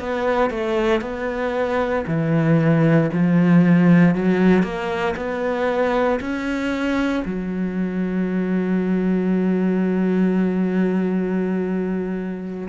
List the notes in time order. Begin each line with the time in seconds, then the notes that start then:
0.00 B3
0.50 A3
1.01 B3
2.07 E3
3.13 F3
4.15 F#3
4.63 A#3
5.16 B3
6.20 C#4
7.25 F#3